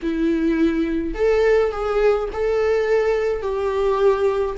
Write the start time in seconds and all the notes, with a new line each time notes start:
0.02 E4
1.14 A4
1.71 G#4
2.32 A4
3.42 G4